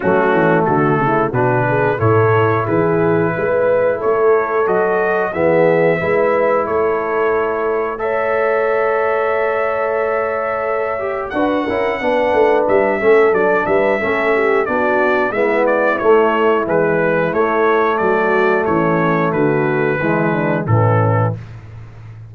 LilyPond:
<<
  \new Staff \with { instrumentName = "trumpet" } { \time 4/4 \tempo 4 = 90 fis'4 a'4 b'4 cis''4 | b'2 cis''4 dis''4 | e''2 cis''2 | e''1~ |
e''4 fis''2 e''4 | d''8 e''4. d''4 e''8 d''8 | cis''4 b'4 cis''4 d''4 | cis''4 b'2 a'4 | }
  \new Staff \with { instrumentName = "horn" } { \time 4/4 cis'4 fis'8 e'8 fis'8 gis'8 a'4 | gis'4 b'4 a'2 | gis'4 b'4 a'2 | cis''1~ |
cis''4 b'8 ais'8 b'4. a'8~ | a'8 b'8 a'8 g'8 fis'4 e'4~ | e'2. fis'4 | cis'4 fis'4 e'8 d'8 cis'4 | }
  \new Staff \with { instrumentName = "trombone" } { \time 4/4 a2 d'4 e'4~ | e'2. fis'4 | b4 e'2. | a'1~ |
a'8 g'8 fis'8 e'8 d'4. cis'8 | d'4 cis'4 d'4 b4 | a4 e4 a2~ | a2 gis4 e4 | }
  \new Staff \with { instrumentName = "tuba" } { \time 4/4 fis8 e8 d8 cis8 b,4 a,4 | e4 gis4 a4 fis4 | e4 gis4 a2~ | a1~ |
a4 d'8 cis'8 b8 a8 g8 a8 | fis8 g8 a4 b4 gis4 | a4 gis4 a4 fis4 | e4 d4 e4 a,4 | }
>>